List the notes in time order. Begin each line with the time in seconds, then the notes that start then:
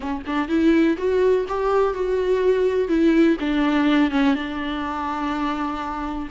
0.00 C#4
0.26 D4
0.48 E4
0.97 F#4
1.48 G4
1.94 F#4
2.88 E4
3.40 D4
4.10 C#4
4.34 D4